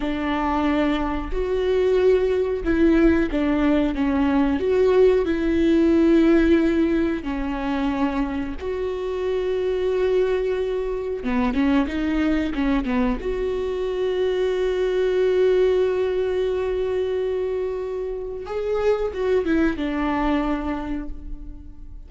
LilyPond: \new Staff \with { instrumentName = "viola" } { \time 4/4 \tempo 4 = 91 d'2 fis'2 | e'4 d'4 cis'4 fis'4 | e'2. cis'4~ | cis'4 fis'2.~ |
fis'4 b8 cis'8 dis'4 cis'8 b8 | fis'1~ | fis'1 | gis'4 fis'8 e'8 d'2 | }